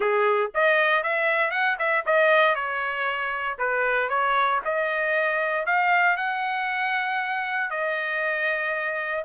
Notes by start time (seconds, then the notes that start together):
0.00 G#4
0.54 D#5
1.03 E5
1.50 F#5
1.78 E5
2.06 D#5
2.55 C#5
3.58 B4
4.09 C#5
4.64 D#5
5.65 F5
6.17 F#5
7.70 D#5